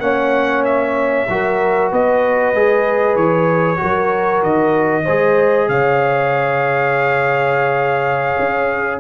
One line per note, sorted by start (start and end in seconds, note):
0.00 1.26 A#3
0.00 1.27 C#4
0.00 1.30 C#5
0.00 0.63 F#5
0.65 1.91 E5
1.29 1.92 F#3
1.29 2.55 F#4
1.29 1.91 A#4
1.91 2.54 B3
1.91 3.81 B4
1.91 3.17 D#5
2.54 3.16 G#3
2.54 3.77 G#4
3.16 3.79 E3
3.16 4.43 C#5
3.77 4.43 F#3
3.77 5.03 F#4
3.77 5.04 A#4
4.43 5.06 D#3
4.43 5.69 D#5
5.04 5.69 G#3
5.04 9.00 G#4
5.04 5.68 C5
5.69 8.37 C#3
5.69 9.00 C#5
5.69 9.00 F5
8.39 9.00 C#4